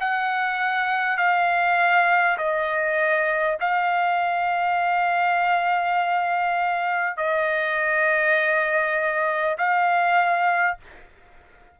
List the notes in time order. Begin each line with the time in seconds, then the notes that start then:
0.00 F#5
1.17 F5
2.38 D#5
3.60 F5
7.17 D#5
9.58 F5